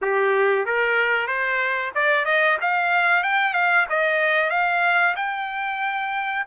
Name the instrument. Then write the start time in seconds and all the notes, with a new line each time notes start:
trumpet
0.01 G4
0.65 A#4
1.27 C5
1.94 D5
2.25 D#5
2.61 F5
3.23 G5
3.53 F5
3.89 D#5
4.50 F5
5.16 G5